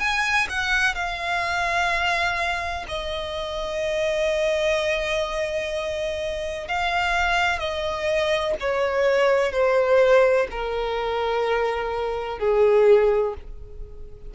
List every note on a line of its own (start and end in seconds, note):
0.00 0.48 G#5
0.49 0.95 F#5
0.95 2.86 F5
2.88 6.68 D#5
6.68 7.59 F5
7.59 8.55 D#5
8.60 9.52 C#5
9.52 10.48 C5
10.51 12.39 A#4
12.39 13.34 G#4